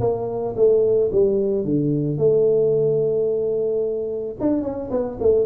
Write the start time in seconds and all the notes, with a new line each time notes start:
0.00 A#3
0.56 A3
1.11 G3
1.64 D3
2.17 A3
4.40 D4
4.62 C#4
4.90 B3
5.20 A3